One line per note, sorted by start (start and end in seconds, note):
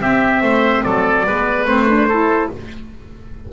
0.00 1.25 C4
0.00 0.42 C4
0.00 0.43 G4
0.00 0.83 E5
0.42 0.84 A3
0.42 0.85 C5
0.83 1.26 F#3
0.83 1.26 A4
0.83 1.67 D5
1.26 1.65 G#3
1.26 1.68 B3
1.26 2.09 B4
1.65 2.48 A3
1.65 1.89 C4
1.65 2.51 C5
1.89 2.09 D4
2.09 2.53 E4
2.09 2.50 A4